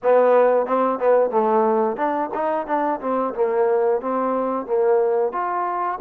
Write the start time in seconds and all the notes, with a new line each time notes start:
0.02 B3
0.66 C4
0.99 B3
1.30 A3
1.96 D4
2.34 D#4
2.66 D4
3.00 C4
3.34 A#3
4.01 C4
4.66 A#3
5.32 F4